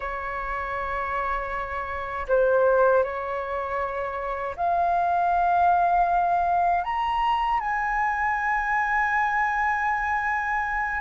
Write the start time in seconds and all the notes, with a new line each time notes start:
0.00 C#5
2.28 C5
3.03 C#5
4.56 F5
6.84 A#5
7.59 G#5